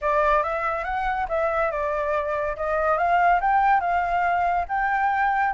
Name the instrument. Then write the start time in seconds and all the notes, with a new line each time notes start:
flute
0.01 D5
0.43 E5
0.84 F#5
1.28 E5
1.71 D5
2.56 D#5
2.97 F5
3.40 G5
3.80 F5
4.68 G5